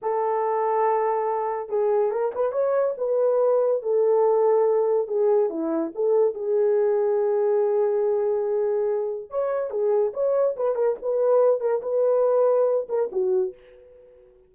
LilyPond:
\new Staff \with { instrumentName = "horn" } { \time 4/4 \tempo 4 = 142 a'1 | gis'4 ais'8 b'8 cis''4 b'4~ | b'4 a'2. | gis'4 e'4 a'4 gis'4~ |
gis'1~ | gis'2 cis''4 gis'4 | cis''4 b'8 ais'8 b'4. ais'8 | b'2~ b'8 ais'8 fis'4 | }